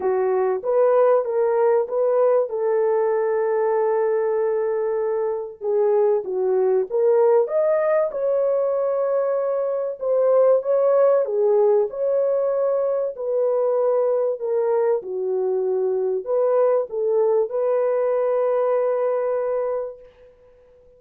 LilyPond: \new Staff \with { instrumentName = "horn" } { \time 4/4 \tempo 4 = 96 fis'4 b'4 ais'4 b'4 | a'1~ | a'4 gis'4 fis'4 ais'4 | dis''4 cis''2. |
c''4 cis''4 gis'4 cis''4~ | cis''4 b'2 ais'4 | fis'2 b'4 a'4 | b'1 | }